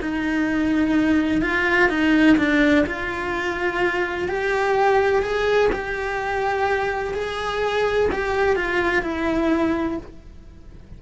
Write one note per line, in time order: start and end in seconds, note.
0.00 1.41 D#4
1.41 1.89 F4
1.89 2.36 D#4
2.37 2.84 D4
2.86 4.28 F4
4.28 5.22 G4
5.22 5.70 G#4
5.72 7.13 G4
7.13 8.09 G#4
8.12 8.56 G4
8.56 9.02 F4
9.02 9.97 E4